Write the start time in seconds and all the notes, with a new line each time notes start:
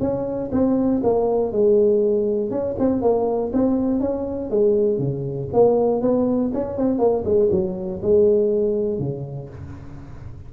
0.00 C#4
0.51 C4
1.03 A#3
1.52 G#3
2.50 C#4
2.79 C4
3.02 A#3
3.53 C4
4.00 C#4
4.50 G#3
4.98 C#3
5.52 A#3
6.01 B3
6.53 C#4
6.77 C4
6.98 A#3
7.24 G#3
7.51 F#3
8.02 G#3
8.99 C#3